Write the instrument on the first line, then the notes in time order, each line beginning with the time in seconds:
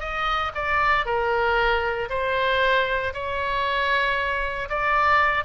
oboe
0.00 D#5
0.55 D5
1.05 A#4
2.09 C5
3.13 C#5
4.69 D5